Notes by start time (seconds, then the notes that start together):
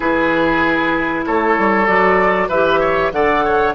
0.00 E3 E4 G#4 B4
1.26 A3 A4 C#5
1.57 G3
1.86 F#3 F#4 D5
2.48 E3 G4 B4 E5
2.80 C#5
3.11 D3 A4 D5 F#5
3.44 C#5